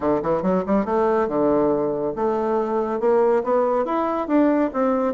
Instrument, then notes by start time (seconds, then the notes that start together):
bassoon
0.00 D3
0.22 E3
0.42 F#3
0.66 G3
0.85 A3
1.28 D3
2.15 A3
3.00 A#3
3.43 B3
3.85 E4
4.27 D4
4.73 C4